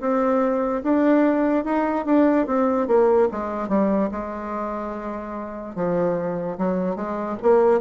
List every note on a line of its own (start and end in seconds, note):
0.00 0.82 C4
0.83 1.64 D4
1.64 2.05 D#4
2.05 2.46 D4
2.47 2.87 C4
2.87 3.28 A#3
3.31 3.68 G#3
3.68 4.09 G3
4.11 5.75 G#3
5.75 6.57 F3
6.58 6.96 F#3
6.96 7.37 G#3
7.42 7.80 A#3